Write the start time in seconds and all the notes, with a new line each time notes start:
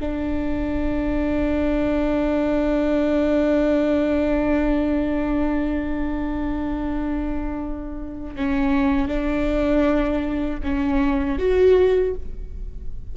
0.00 D4
8.35 C#4
9.08 D4
10.63 C#4
11.38 F#4